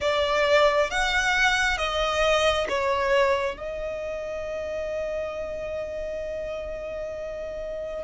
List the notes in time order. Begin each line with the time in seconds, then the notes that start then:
0.00 D5
0.90 F#5
1.77 D#5
2.68 C#5
3.57 D#5